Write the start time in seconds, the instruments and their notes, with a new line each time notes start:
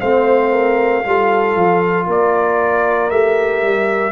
0.00 tuba A3, trombone C4, horn C5, trumpet F5
0.52 horn A#4
1.05 tuba G3, trombone F4, horn A4
1.56 tuba F3
2.07 tuba A#3, horn A#4, trumpet D5
3.10 tuba A3, trombone G4, trumpet E5
3.63 tuba G3